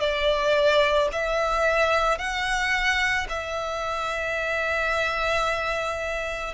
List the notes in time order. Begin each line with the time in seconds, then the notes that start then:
0.00 D5
1.13 E5
2.19 F#5
3.29 E5